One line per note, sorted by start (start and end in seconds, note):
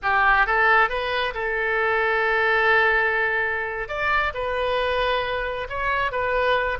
0.02 0.46 G4
0.46 0.89 A4
0.89 1.33 B4
1.34 3.88 A4
3.88 4.33 D5
4.34 5.67 B4
5.69 6.11 C#5
6.11 6.78 B4